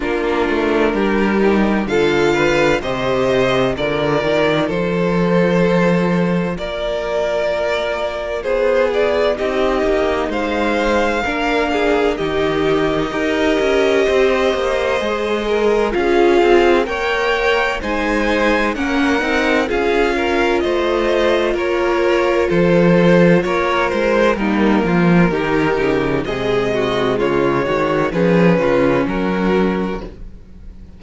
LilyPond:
<<
  \new Staff \with { instrumentName = "violin" } { \time 4/4 \tempo 4 = 64 ais'2 f''4 dis''4 | d''4 c''2 d''4~ | d''4 c''8 d''8 dis''4 f''4~ | f''4 dis''2.~ |
dis''4 f''4 g''4 gis''4 | fis''4 f''4 dis''4 cis''4 | c''4 cis''8 c''8 ais'2 | dis''4 cis''4 b'4 ais'4 | }
  \new Staff \with { instrumentName = "violin" } { \time 4/4 f'4 g'4 a'8 b'8 c''4 | ais'4 a'2 ais'4~ | ais'4 gis'4 g'4 c''4 | ais'8 gis'8 g'4 ais'4 c''4~ |
c''8 ais'8 gis'4 cis''4 c''4 | ais'4 gis'8 ais'8 c''4 ais'4 | a'4 ais'4 dis'8 f'8 g'4 | gis'8 fis'8 f'8 fis'8 gis'8 f'8 fis'4 | }
  \new Staff \with { instrumentName = "viola" } { \time 4/4 d'4. dis'8 f'4 g'4 | f'1~ | f'2 dis'2 | d'4 dis'4 g'2 |
gis'4 f'4 ais'4 dis'4 | cis'8 dis'8 f'2.~ | f'2 ais4 dis'4 | gis2 cis'2 | }
  \new Staff \with { instrumentName = "cello" } { \time 4/4 ais8 a8 g4 d4 c4 | d8 dis8 f2 ais4~ | ais4 b4 c'8 ais8 gis4 | ais4 dis4 dis'8 cis'8 c'8 ais8 |
gis4 cis'8 c'8 ais4 gis4 | ais8 c'8 cis'4 a4 ais4 | f4 ais8 gis8 g8 f8 dis8 cis8 | c4 cis8 dis8 f8 cis8 fis4 | }
>>